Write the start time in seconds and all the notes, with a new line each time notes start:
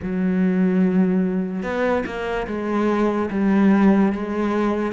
0.02 F#3
1.62 B3
2.05 A#3
2.47 G#3
3.30 G3
4.12 G#3